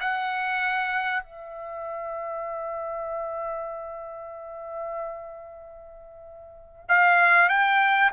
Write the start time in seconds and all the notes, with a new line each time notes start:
0.00 F#5
1.23 E5
6.88 F5
7.49 G5